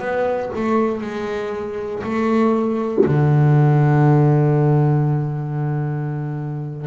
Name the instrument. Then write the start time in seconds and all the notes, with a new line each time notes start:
double bass
0.00 B3
0.55 A3
1.02 G#3
2.04 A3
3.06 D3